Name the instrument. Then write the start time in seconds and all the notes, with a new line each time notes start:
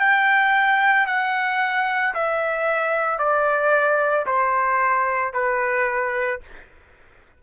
trumpet
0.00 G5
1.07 F#5
2.14 E5
3.19 D5
4.27 C5
5.34 B4